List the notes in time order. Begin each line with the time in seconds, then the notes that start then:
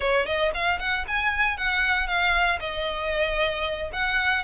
0.00 C#5
0.26 D#5
0.54 F5
0.79 F#5
1.07 G#5
1.57 F#5
2.07 F5
2.60 D#5
3.92 F#5